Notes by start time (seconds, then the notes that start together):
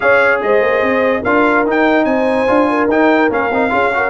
0.00 C#4 G#4 C#5 F5
0.42 G#3 C5 D#5
0.61 A#3
0.81 C4
1.22 D4 F4 A#4 F5
1.66 D#4 G5
2.04 C4 C5 G#5
2.47 D4 F4
2.69 A#4
2.88 D#4 G5
3.30 A#3 C#4 F5
3.50 C4 D#4
3.70 C#4 F4 G#4
3.93 F#4 A#4